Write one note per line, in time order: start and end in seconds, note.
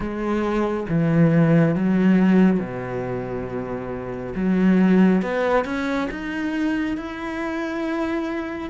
0.00 0.86 G#3
0.88 1.75 E3
1.75 2.59 F#3
2.59 4.33 B2
4.35 5.22 F#3
5.22 5.64 B3
5.64 6.08 C#4
6.11 6.97 D#4
6.97 8.70 E4